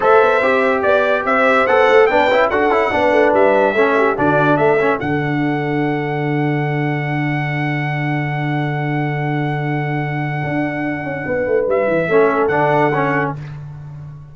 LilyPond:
<<
  \new Staff \with { instrumentName = "trumpet" } { \time 4/4 \tempo 4 = 144 e''2 d''4 e''4 | fis''4 g''4 fis''2 | e''2 d''4 e''4 | fis''1~ |
fis''1~ | fis''1~ | fis''1 | e''2 fis''2 | }
  \new Staff \with { instrumentName = "horn" } { \time 4/4 c''2 d''4 c''4~ | c''4 b'4 a'4 b'4~ | b'4 a'8 g'8 fis'4 a'4~ | a'1~ |
a'1~ | a'1~ | a'2. b'4~ | b'4 a'2. | }
  \new Staff \with { instrumentName = "trombone" } { \time 4/4 a'4 g'2. | a'4 d'8 e'8 fis'8 e'8 d'4~ | d'4 cis'4 d'4. cis'8 | d'1~ |
d'1~ | d'1~ | d'1~ | d'4 cis'4 d'4 cis'4 | }
  \new Staff \with { instrumentName = "tuba" } { \time 4/4 a8 b8 c'4 b4 c'4 | b8 a8 b8 cis'8 d'8 cis'8 b8 a8 | g4 a4 d4 a4 | d1~ |
d1~ | d1~ | d4 d'4. cis'8 b8 a8 | g8 e8 a4 d2 | }
>>